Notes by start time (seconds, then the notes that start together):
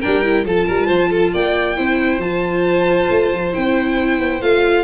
0.00 G3 D4 A#4 G5
0.23 E4
0.44 F3 F4 A4 A5
0.66 G3 A#4
0.87 F3 C5
1.10 A4
1.33 A#3 D5 G5
1.76 C4 E4 C5
2.17 F3 F4 A5
3.09 A3
3.32 F3
3.52 C4 E4 G5
4.19 B3
4.41 A3 F4 F5